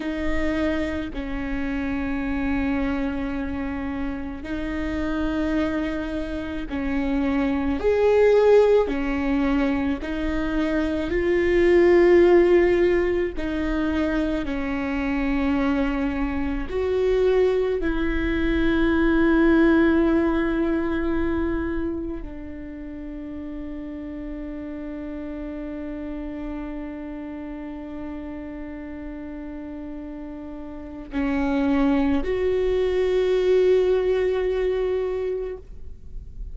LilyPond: \new Staff \with { instrumentName = "viola" } { \time 4/4 \tempo 4 = 54 dis'4 cis'2. | dis'2 cis'4 gis'4 | cis'4 dis'4 f'2 | dis'4 cis'2 fis'4 |
e'1 | d'1~ | d'1 | cis'4 fis'2. | }